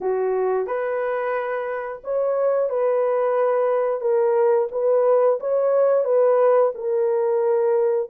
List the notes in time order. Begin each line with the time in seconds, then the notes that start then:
0.01 F#4
0.66 B4
2.03 C#5
2.69 B4
4.00 A#4
4.71 B4
5.40 C#5
6.04 B4
6.74 A#4